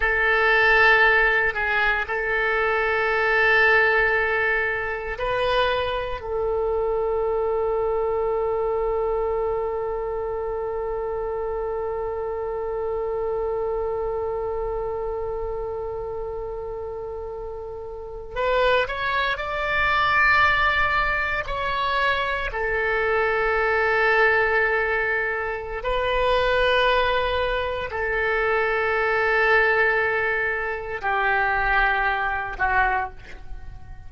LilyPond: \new Staff \with { instrumentName = "oboe" } { \time 4/4 \tempo 4 = 58 a'4. gis'8 a'2~ | a'4 b'4 a'2~ | a'1~ | a'1~ |
a'4.~ a'16 b'8 cis''8 d''4~ d''16~ | d''8. cis''4 a'2~ a'16~ | a'4 b'2 a'4~ | a'2 g'4. fis'8 | }